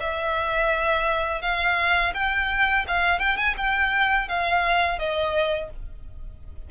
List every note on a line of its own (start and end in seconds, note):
0.00 1.42 E5
1.42 2.13 F5
2.14 2.85 G5
2.88 3.19 F5
3.19 3.37 G5
3.37 3.55 G#5
3.57 4.28 G5
4.28 4.99 F5
4.99 5.70 D#5